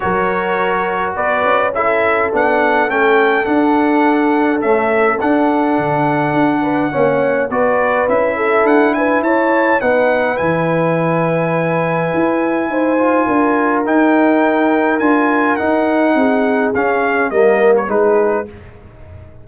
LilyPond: <<
  \new Staff \with { instrumentName = "trumpet" } { \time 4/4 \tempo 4 = 104 cis''2 d''4 e''4 | fis''4 g''4 fis''2 | e''4 fis''2.~ | fis''4 d''4 e''4 fis''8 gis''8 |
a''4 fis''4 gis''2~ | gis''1 | g''2 gis''4 fis''4~ | fis''4 f''4 dis''8. cis''16 b'4 | }
  \new Staff \with { instrumentName = "horn" } { \time 4/4 ais'2 b'4 a'4~ | a'1~ | a'2.~ a'8 b'8 | cis''4 b'4. a'4 b'8 |
cis''4 b'2.~ | b'2 c''4 ais'4~ | ais'1 | gis'2 ais'4 gis'4 | }
  \new Staff \with { instrumentName = "trombone" } { \time 4/4 fis'2. e'4 | d'4 cis'4 d'2 | a4 d'2. | cis'4 fis'4 e'2~ |
e'4 dis'4 e'2~ | e'2~ e'8 f'4. | dis'2 f'4 dis'4~ | dis'4 cis'4 ais4 dis'4 | }
  \new Staff \with { instrumentName = "tuba" } { \time 4/4 fis2 b8 cis'4. | b4 a4 d'2 | cis'4 d'4 d4 d'4 | ais4 b4 cis'4 d'4 |
e'4 b4 e2~ | e4 e'4 dis'4 d'4 | dis'2 d'4 dis'4 | c'4 cis'4 g4 gis4 | }
>>